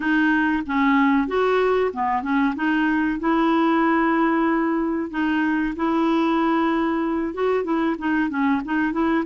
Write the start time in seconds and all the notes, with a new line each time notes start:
0.00 D#4
0.66 C#4
1.27 F#4
1.93 B3
2.22 C#4
2.55 D#4
3.19 E4
5.10 D#4
5.76 E4
7.33 F#4
7.64 E4
7.98 D#4
8.29 C#4
8.64 D#4
8.92 E4